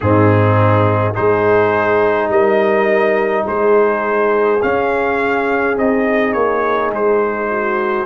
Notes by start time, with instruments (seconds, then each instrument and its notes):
0.00 tuba G#2, trombone C4, horn D#4, trumpet G#4
1.13 tuba G#3, trombone D#4, horn G#4, trumpet C5
2.28 tuba G3, horn A#4, trumpet D#5
3.44 tuba G#3, horn G#4, trumpet C5
4.62 trombone C#4, tuba C#4, trumpet F5
5.76 tuba C4, trombone D#4, trumpet D#5
6.32 tuba A#3, trumpet C#5
6.91 tuba G#3, trumpet C5
7.50 horn F#4